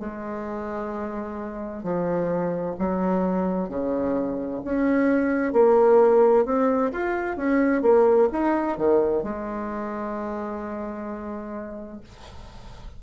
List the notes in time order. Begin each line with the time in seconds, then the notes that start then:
0.00 G#3
1.83 F3
2.79 F#3
3.69 C#3
4.64 C#4
5.53 A#3
6.45 C4
6.93 F4
7.37 C#4
7.83 A#3
8.32 D#4
8.78 D#3
9.23 G#3